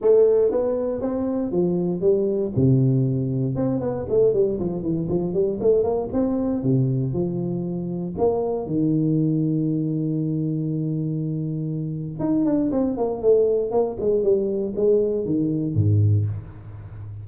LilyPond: \new Staff \with { instrumentName = "tuba" } { \time 4/4 \tempo 4 = 118 a4 b4 c'4 f4 | g4 c2 c'8 b8 | a8 g8 f8 e8 f8 g8 a8 ais8 | c'4 c4 f2 |
ais4 dis2.~ | dis1 | dis'8 d'8 c'8 ais8 a4 ais8 gis8 | g4 gis4 dis4 gis,4 | }